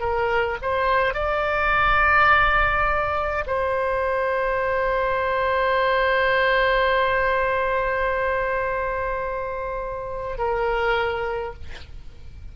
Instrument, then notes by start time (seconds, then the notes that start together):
oboe
0.00 A#4
0.62 C5
1.14 D5
3.47 C5
10.38 A#4